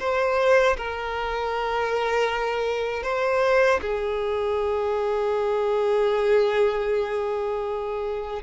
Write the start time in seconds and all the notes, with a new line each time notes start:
0.00 C5
0.77 A#4
3.03 C5
3.81 G#4